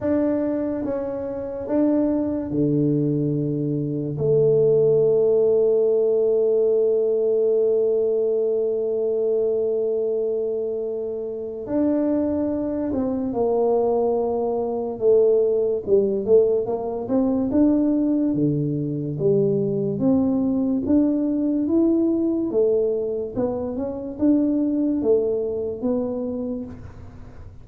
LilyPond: \new Staff \with { instrumentName = "tuba" } { \time 4/4 \tempo 4 = 72 d'4 cis'4 d'4 d4~ | d4 a2.~ | a1~ | a2 d'4. c'8 |
ais2 a4 g8 a8 | ais8 c'8 d'4 d4 g4 | c'4 d'4 e'4 a4 | b8 cis'8 d'4 a4 b4 | }